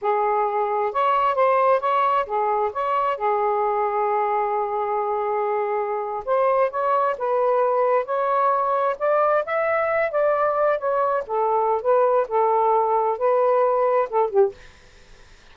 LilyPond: \new Staff \with { instrumentName = "saxophone" } { \time 4/4 \tempo 4 = 132 gis'2 cis''4 c''4 | cis''4 gis'4 cis''4 gis'4~ | gis'1~ | gis'4.~ gis'16 c''4 cis''4 b'16~ |
b'4.~ b'16 cis''2 d''16~ | d''8. e''4. d''4. cis''16~ | cis''8. a'4~ a'16 b'4 a'4~ | a'4 b'2 a'8 g'8 | }